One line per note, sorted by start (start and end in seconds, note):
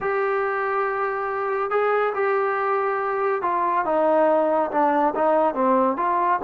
0.00 1.70 G4
1.70 2.13 G#4
2.14 3.42 G4
3.42 3.85 F4
3.85 4.70 D#4
4.71 5.14 D4
5.15 5.54 D#4
5.54 5.96 C4
5.96 6.39 F4